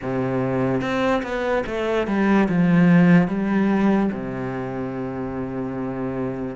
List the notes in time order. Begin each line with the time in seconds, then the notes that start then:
0.01 C3
0.81 C4
1.22 B3
1.66 A3
2.07 G3
2.48 F3
3.27 G3
4.11 C3